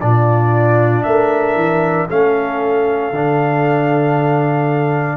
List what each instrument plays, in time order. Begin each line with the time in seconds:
0.00 tuba A#2, trombone D4, horn F4, trumpet D5
1.03 tuba A3, horn A#4, trumpet E5
1.55 tuba E3
2.09 tuba A3, trombone C#4, horn A4, trumpet F5
3.12 tuba D3, trombone D4